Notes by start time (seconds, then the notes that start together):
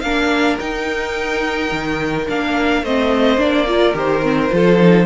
0.00 A#3 D4 A#4 F5
0.59 D#4 G5
1.72 D#3
2.28 A#3 D4 F5
2.82 A3 C4 C5 D#5
3.37 A#3 D4 D5
3.67 F4 A#4
3.94 D#3 G4 C5
4.22 C4
4.51 F3 F4 A4
4.79 D#4